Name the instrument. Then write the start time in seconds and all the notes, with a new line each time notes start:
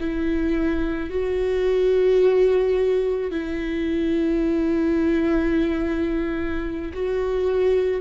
viola
0.00 E4
1.10 F#4
3.31 E4
6.93 F#4